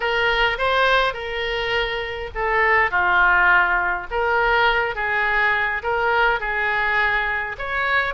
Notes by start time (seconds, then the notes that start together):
0.00 A#4
0.58 C5
1.13 A#4
2.34 A4
2.90 F4
4.10 A#4
4.95 G#4
5.83 A#4
6.39 G#4
7.58 C#5